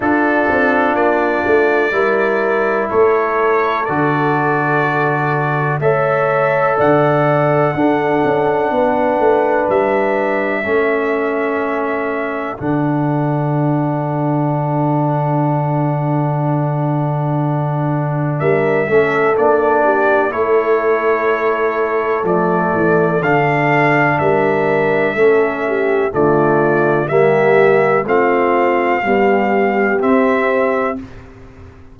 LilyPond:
<<
  \new Staff \with { instrumentName = "trumpet" } { \time 4/4 \tempo 4 = 62 a'4 d''2 cis''4 | d''2 e''4 fis''4~ | fis''2 e''2~ | e''4 fis''2.~ |
fis''2. e''4 | d''4 cis''2 d''4 | f''4 e''2 d''4 | e''4 f''2 e''4 | }
  \new Staff \with { instrumentName = "horn" } { \time 4/4 f'2 ais'4 a'4~ | a'2 cis''4 d''4 | a'4 b'2 a'4~ | a'1~ |
a'2. ais'8 a'8~ | a'8 g'8 a'2.~ | a'4 ais'4 a'8 g'8 f'4 | g'4 f'4 g'2 | }
  \new Staff \with { instrumentName = "trombone" } { \time 4/4 d'2 e'2 | fis'2 a'2 | d'2. cis'4~ | cis'4 d'2.~ |
d'2.~ d'8 cis'8 | d'4 e'2 a4 | d'2 cis'4 a4 | ais4 c'4 g4 c'4 | }
  \new Staff \with { instrumentName = "tuba" } { \time 4/4 d'8 c'8 ais8 a8 g4 a4 | d2 a4 d4 | d'8 cis'8 b8 a8 g4 a4~ | a4 d2.~ |
d2. g8 a8 | ais4 a2 f8 e8 | d4 g4 a4 d4 | g4 a4 b4 c'4 | }
>>